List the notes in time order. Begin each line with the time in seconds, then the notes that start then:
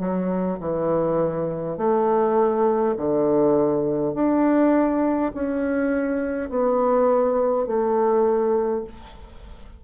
0.00 F#3
0.60 E3
1.78 A3
2.97 D3
4.14 D4
5.35 C#4
6.50 B3
7.67 A3